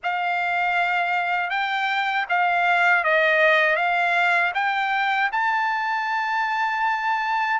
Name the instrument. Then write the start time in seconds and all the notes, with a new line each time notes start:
trumpet
0.03 F5
1.50 G5
2.29 F5
3.04 D#5
3.76 F5
4.54 G5
5.32 A5